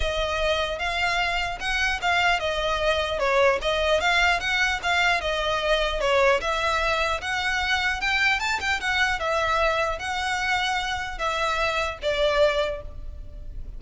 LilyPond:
\new Staff \with { instrumentName = "violin" } { \time 4/4 \tempo 4 = 150 dis''2 f''2 | fis''4 f''4 dis''2 | cis''4 dis''4 f''4 fis''4 | f''4 dis''2 cis''4 |
e''2 fis''2 | g''4 a''8 g''8 fis''4 e''4~ | e''4 fis''2. | e''2 d''2 | }